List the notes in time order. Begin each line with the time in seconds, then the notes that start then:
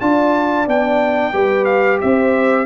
0.00 D4 F4 D5 A5
0.66 B3 D4 G5
1.33 G3 G4 B4
1.64 F5
2.00 C4 C5 E5